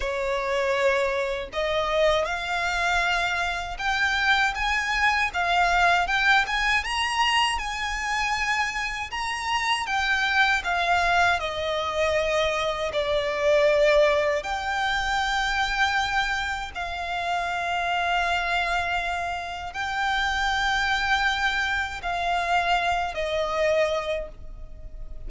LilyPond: \new Staff \with { instrumentName = "violin" } { \time 4/4 \tempo 4 = 79 cis''2 dis''4 f''4~ | f''4 g''4 gis''4 f''4 | g''8 gis''8 ais''4 gis''2 | ais''4 g''4 f''4 dis''4~ |
dis''4 d''2 g''4~ | g''2 f''2~ | f''2 g''2~ | g''4 f''4. dis''4. | }